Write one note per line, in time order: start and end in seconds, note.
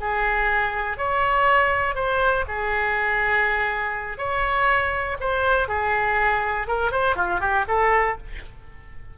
0.00 0.97 G#4
0.97 1.95 C#5
1.95 2.45 C5
2.48 4.18 G#4
4.18 5.17 C#5
5.20 5.68 C5
5.68 6.67 G#4
6.67 6.92 A#4
6.92 7.16 C5
7.16 7.40 F4
7.40 7.65 G4
7.68 8.18 A4